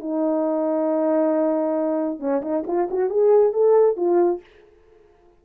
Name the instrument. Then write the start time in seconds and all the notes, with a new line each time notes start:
horn
0.00 D#4
2.19 C#4
2.42 D#4
2.67 F4
2.90 F#4
3.10 G#4
3.53 A4
3.97 F4